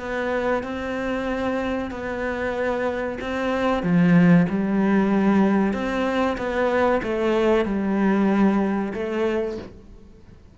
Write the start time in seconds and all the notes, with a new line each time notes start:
0.00 B3
0.64 C4
1.91 B3
3.21 C4
3.83 F3
4.50 G3
5.74 C4
6.38 B3
7.04 A3
7.66 G3
8.94 A3